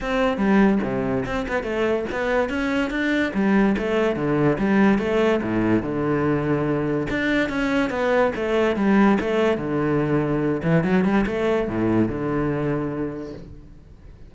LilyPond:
\new Staff \with { instrumentName = "cello" } { \time 4/4 \tempo 4 = 144 c'4 g4 c4 c'8 b8 | a4 b4 cis'4 d'4 | g4 a4 d4 g4 | a4 a,4 d2~ |
d4 d'4 cis'4 b4 | a4 g4 a4 d4~ | d4. e8 fis8 g8 a4 | a,4 d2. | }